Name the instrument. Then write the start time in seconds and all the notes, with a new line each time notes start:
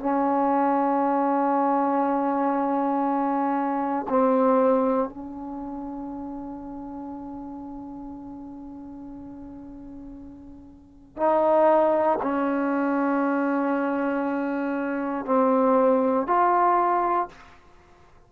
trombone
0.00 C#4
4.09 C4
5.09 C#4
11.17 D#4
12.22 C#4
15.25 C4
16.27 F4